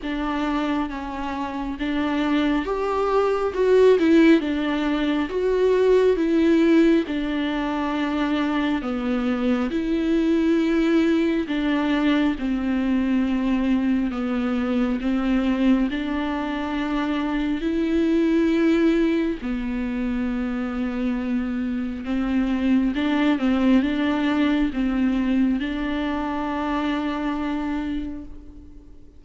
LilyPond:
\new Staff \with { instrumentName = "viola" } { \time 4/4 \tempo 4 = 68 d'4 cis'4 d'4 g'4 | fis'8 e'8 d'4 fis'4 e'4 | d'2 b4 e'4~ | e'4 d'4 c'2 |
b4 c'4 d'2 | e'2 b2~ | b4 c'4 d'8 c'8 d'4 | c'4 d'2. | }